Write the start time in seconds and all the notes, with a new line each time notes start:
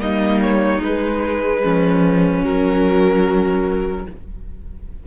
0.00 G3 A#3 D#4 D#5
0.42 C#5
0.80 G#3 B4
1.63 F3 C#4
2.44 F#3 A#4